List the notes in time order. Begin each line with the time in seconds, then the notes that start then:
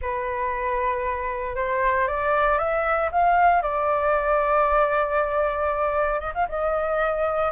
0.01 B4
1.55 C5
2.07 D5
2.58 E5
3.11 F5
3.62 D5
6.20 D#5
6.34 F5
6.48 D#5